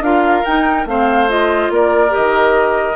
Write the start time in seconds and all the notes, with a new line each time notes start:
0.00 D4 F4 A#4 F5
0.45 D#4 G5
0.86 A3 C4 C5 F5
1.29 F4 D#5
1.70 A#3 A#4 D5
2.09 G4 D#5
2.17 D#3